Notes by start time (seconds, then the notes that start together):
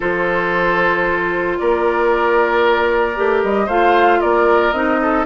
0.00 F3 F4 A4 C5
1.58 A#3 A#4 D5
3.15 A3 G4
3.42 G3 D#5
3.66 A3 F4 C5 F5
4.20 A#3 A#4 D5
4.72 C4 D#4 D#5
5.01 A4